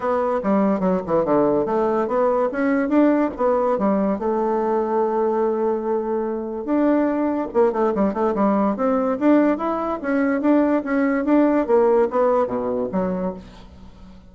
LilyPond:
\new Staff \with { instrumentName = "bassoon" } { \time 4/4 \tempo 4 = 144 b4 g4 fis8 e8 d4 | a4 b4 cis'4 d'4 | b4 g4 a2~ | a1 |
d'2 ais8 a8 g8 a8 | g4 c'4 d'4 e'4 | cis'4 d'4 cis'4 d'4 | ais4 b4 b,4 fis4 | }